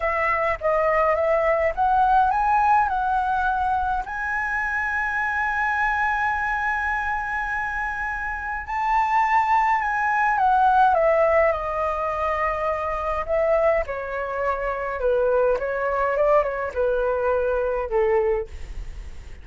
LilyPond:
\new Staff \with { instrumentName = "flute" } { \time 4/4 \tempo 4 = 104 e''4 dis''4 e''4 fis''4 | gis''4 fis''2 gis''4~ | gis''1~ | gis''2. a''4~ |
a''4 gis''4 fis''4 e''4 | dis''2. e''4 | cis''2 b'4 cis''4 | d''8 cis''8 b'2 a'4 | }